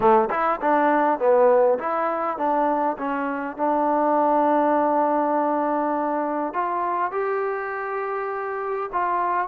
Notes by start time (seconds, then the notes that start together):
0.00 A3
0.30 E4
0.61 D4
1.19 B3
1.78 E4
2.37 D4
2.97 C#4
3.56 D4
6.53 F4
7.11 G4
8.92 F4